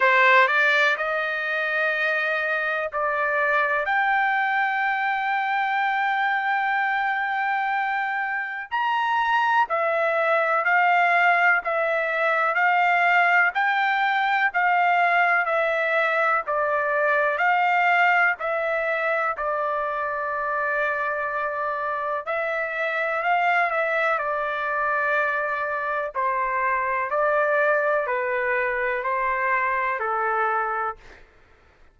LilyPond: \new Staff \with { instrumentName = "trumpet" } { \time 4/4 \tempo 4 = 62 c''8 d''8 dis''2 d''4 | g''1~ | g''4 ais''4 e''4 f''4 | e''4 f''4 g''4 f''4 |
e''4 d''4 f''4 e''4 | d''2. e''4 | f''8 e''8 d''2 c''4 | d''4 b'4 c''4 a'4 | }